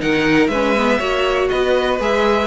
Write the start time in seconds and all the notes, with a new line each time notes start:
0.00 D#3 D#4 A#4 F#5
0.48 G#3 C#4 B4 E5
0.77 B3
0.99 A#3 F#4 C#5
1.49 B3 B4 D#5
2.00 G#3 G#4 E5